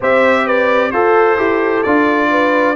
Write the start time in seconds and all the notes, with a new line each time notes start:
0.00 C4 G4 C5 E5
0.45 B4 D5
0.91 F4 A4 C5
1.38 E4 G4
1.83 D4 F4 D5
2.30 B4